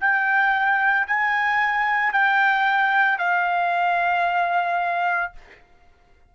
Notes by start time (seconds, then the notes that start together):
0.00 G5
1.07 G#5
2.12 G5
3.18 F5